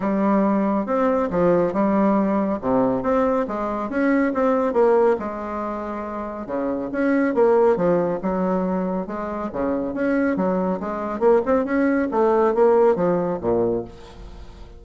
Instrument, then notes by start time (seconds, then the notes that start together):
bassoon
0.00 G3
0.86 C4
1.30 F3
1.73 G3
2.61 C3
3.02 C4
3.47 G#3
3.89 C#4
4.33 C4
4.73 A#3
5.19 G#3
6.46 C#3
6.91 C#4
7.34 A#3
7.76 F3
8.22 F#3
9.06 G#3
9.52 C#3
9.94 C#4
10.36 F#3
10.80 G#3
11.19 A#3
11.45 C4
11.64 C#4
12.11 A3
12.54 A#3
12.95 F3
13.41 A#2